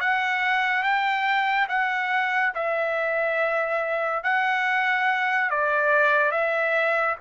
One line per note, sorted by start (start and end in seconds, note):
0.00 0.83 F#5
0.83 1.67 G5
1.68 2.53 F#5
2.54 4.23 E5
4.23 5.50 F#5
5.50 6.31 D5
6.31 7.16 E5